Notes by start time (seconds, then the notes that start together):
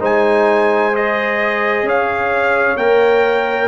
0.00 G#3 D#4 C5 G#5
0.92 G#4 D#5
1.83 C#4 C#5 F5
2.77 A#3 A#4 G5